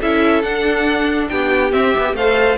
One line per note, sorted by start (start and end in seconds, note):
0.00 0.43 C#4
0.00 0.44 E4
0.00 1.29 A4
0.00 0.42 E5
0.42 1.29 D4
0.42 1.72 D4
0.42 1.28 F#5
1.29 1.73 B3
1.29 2.16 G4
1.29 1.72 G5
1.72 1.93 C4
1.72 1.94 C4
1.72 2.15 E5
1.95 2.13 B3
1.95 2.17 G4
2.13 2.56 A3
2.13 2.58 C5
2.13 2.58 F5
2.19 2.58 A4